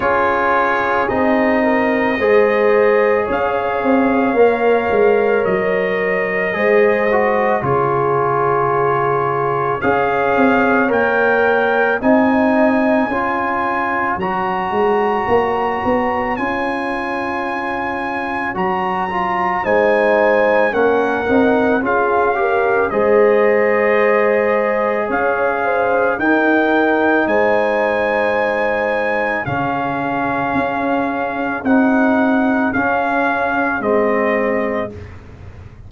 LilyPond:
<<
  \new Staff \with { instrumentName = "trumpet" } { \time 4/4 \tempo 4 = 55 cis''4 dis''2 f''4~ | f''4 dis''2 cis''4~ | cis''4 f''4 g''4 gis''4~ | gis''4 ais''2 gis''4~ |
gis''4 ais''4 gis''4 fis''4 | f''4 dis''2 f''4 | g''4 gis''2 f''4~ | f''4 fis''4 f''4 dis''4 | }
  \new Staff \with { instrumentName = "horn" } { \time 4/4 gis'4. ais'8 c''4 cis''4~ | cis''2 c''4 gis'4~ | gis'4 cis''2 dis''4 | cis''1~ |
cis''2 c''4 ais'4 | gis'8 ais'8 c''2 cis''8 c''8 | ais'4 c''2 gis'4~ | gis'1 | }
  \new Staff \with { instrumentName = "trombone" } { \time 4/4 f'4 dis'4 gis'2 | ais'2 gis'8 fis'8 f'4~ | f'4 gis'4 ais'4 dis'4 | f'4 fis'2 f'4~ |
f'4 fis'8 f'8 dis'4 cis'8 dis'8 | f'8 g'8 gis'2. | dis'2. cis'4~ | cis'4 dis'4 cis'4 c'4 | }
  \new Staff \with { instrumentName = "tuba" } { \time 4/4 cis'4 c'4 gis4 cis'8 c'8 | ais8 gis8 fis4 gis4 cis4~ | cis4 cis'8 c'8 ais4 c'4 | cis'4 fis8 gis8 ais8 b8 cis'4~ |
cis'4 fis4 gis4 ais8 c'8 | cis'4 gis2 cis'4 | dis'4 gis2 cis4 | cis'4 c'4 cis'4 gis4 | }
>>